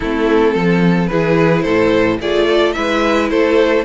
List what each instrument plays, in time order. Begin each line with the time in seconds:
0.00 cello A3, viola C4, violin E4 A4
0.54 cello F3, violin A4
1.07 cello E3, viola E4, violin G#4 B4
1.62 cello A2, violin A4 C5
2.20 cello A3, viola F4, violin G#4 D5
2.47 violin A4
2.72 cello G#3, viola E4, violin B4 E5
3.29 cello A3, violin A4 C5